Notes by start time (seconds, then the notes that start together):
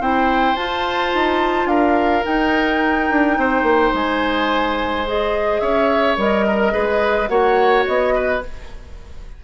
0.00 C4 E4 C5 G5
0.56 F4 A5
1.13 D#4
1.65 D4 A#4 F5
2.23 D#4 G5
3.10 D4
3.37 C4 C5
3.62 A#3
3.93 G#3 G#5
5.06 G#4 D#5
5.59 C#4 C#5 E5
6.17 G3 A#4 D#5
6.46 A#4
6.70 G#3 G#4 B4
7.28 A#3 F#4 C#5 F#5
7.86 B3 D#5
8.15 B4